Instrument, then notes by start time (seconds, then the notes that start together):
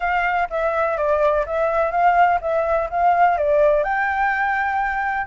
flute
0.00 F5
0.50 E5
0.97 D5
1.46 E5
1.91 F5
2.41 E5
2.90 F5
3.37 D5
3.83 G5